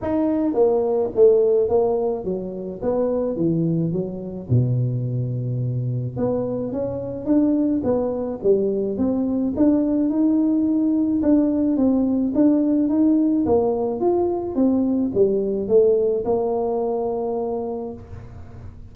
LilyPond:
\new Staff \with { instrumentName = "tuba" } { \time 4/4 \tempo 4 = 107 dis'4 ais4 a4 ais4 | fis4 b4 e4 fis4 | b,2. b4 | cis'4 d'4 b4 g4 |
c'4 d'4 dis'2 | d'4 c'4 d'4 dis'4 | ais4 f'4 c'4 g4 | a4 ais2. | }